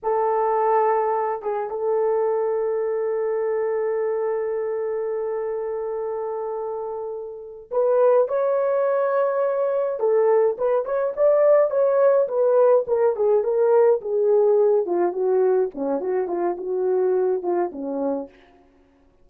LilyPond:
\new Staff \with { instrumentName = "horn" } { \time 4/4 \tempo 4 = 105 a'2~ a'8 gis'8 a'4~ | a'1~ | a'1~ | a'4. b'4 cis''4.~ |
cis''4. a'4 b'8 cis''8 d''8~ | d''8 cis''4 b'4 ais'8 gis'8 ais'8~ | ais'8 gis'4. f'8 fis'4 cis'8 | fis'8 f'8 fis'4. f'8 cis'4 | }